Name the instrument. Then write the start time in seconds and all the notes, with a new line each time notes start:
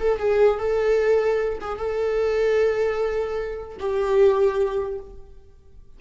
viola
0.00 A4
0.19 G#4
0.59 A4
1.61 G#4
1.78 A4
3.80 G4